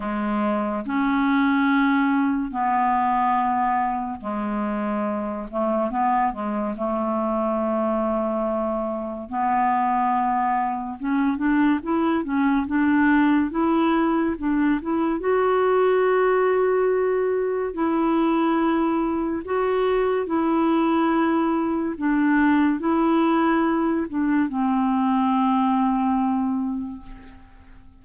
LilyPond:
\new Staff \with { instrumentName = "clarinet" } { \time 4/4 \tempo 4 = 71 gis4 cis'2 b4~ | b4 gis4. a8 b8 gis8 | a2. b4~ | b4 cis'8 d'8 e'8 cis'8 d'4 |
e'4 d'8 e'8 fis'2~ | fis'4 e'2 fis'4 | e'2 d'4 e'4~ | e'8 d'8 c'2. | }